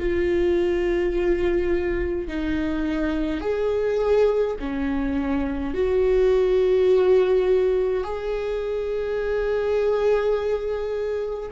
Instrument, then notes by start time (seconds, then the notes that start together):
viola
0.00 F4
2.29 D#4
3.41 G#4
4.60 C#4
5.75 F#4
8.04 G#4